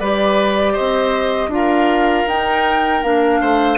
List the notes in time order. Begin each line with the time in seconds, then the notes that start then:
0.00 G3 G4 B4 D5
0.73 C5 D#5
0.79 C4
1.48 D4 F4 F5
1.55 A#4
2.27 D#4 G5
3.03 A#3 D4 F5
3.41 A3 C5